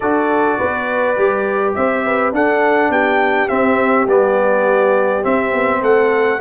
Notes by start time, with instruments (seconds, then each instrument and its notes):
0.00 tuba D4, trombone F#4, horn A4, trumpet D5
0.58 tuba B3, horn B4
1.16 tuba G3, trombone G4
1.75 tuba C4, horn C5, trumpet E5
2.05 horn B4
2.32 tuba D4, trombone D4, horn A4, trumpet F#5
2.89 tuba B3, horn G4, trumpet G5
3.48 trombone C4, tuba C4, trumpet E5
4.07 tuba G3, trombone B3, trumpet D5
5.22 trombone C4, tuba C4, trumpet E5
5.53 tuba B3
5.81 tuba A3, horn A4, trumpet F#5